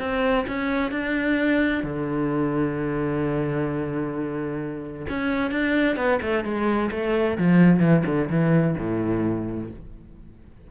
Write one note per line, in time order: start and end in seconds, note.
0.00 0.46 C4
0.48 0.92 C#4
0.92 1.84 D4
1.84 5.07 D3
5.09 5.52 C#4
5.52 5.97 D4
5.97 6.20 B3
6.22 6.44 A3
6.44 6.91 G#3
6.92 7.38 A3
7.38 7.80 F3
7.80 8.03 E3
8.06 8.29 D3
8.30 8.77 E3
8.79 9.71 A2